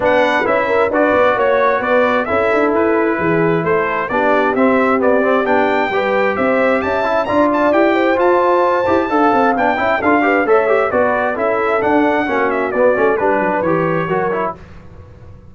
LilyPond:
<<
  \new Staff \with { instrumentName = "trumpet" } { \time 4/4 \tempo 4 = 132 fis''4 e''4 d''4 cis''4 | d''4 e''4 b'2 | c''4 d''4 e''4 d''4 | g''2 e''4 a''4 |
ais''8 a''8 g''4 a''2~ | a''4 g''4 f''4 e''4 | d''4 e''4 fis''4. e''8 | d''4 b'4 cis''2 | }
  \new Staff \with { instrumentName = "horn" } { \time 4/4 b'4. ais'8 b'4 cis''4 | b'4 a'2 gis'4 | a'4 g'2.~ | g'4 b'4 c''4 e''4 |
d''4. c''2~ c''8 | f''4. e''8 a'8 b'8 cis''4 | b'4 a'2 fis'4~ | fis'4 b'2 ais'4 | }
  \new Staff \with { instrumentName = "trombone" } { \time 4/4 d'4 e'4 fis'2~ | fis'4 e'2.~ | e'4 d'4 c'4 b8 c'8 | d'4 g'2~ g'8 e'8 |
f'4 g'4 f'4. g'8 | a'4 d'8 e'8 f'8 g'8 a'8 g'8 | fis'4 e'4 d'4 cis'4 | b8 cis'8 d'4 g'4 fis'8 e'8 | }
  \new Staff \with { instrumentName = "tuba" } { \time 4/4 b4 cis'4 d'8 b8 ais4 | b4 cis'8 d'8 e'4 e4 | a4 b4 c'2 | b4 g4 c'4 cis'4 |
d'4 e'4 f'4. e'8 | d'8 c'8 b8 cis'8 d'4 a4 | b4 cis'4 d'4 ais4 | b8 a8 g8 fis8 e4 fis4 | }
>>